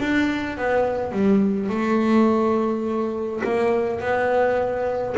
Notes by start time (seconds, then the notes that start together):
0.00 D4
0.57 B3
1.12 G3
1.69 A3
3.44 A#3
4.00 B3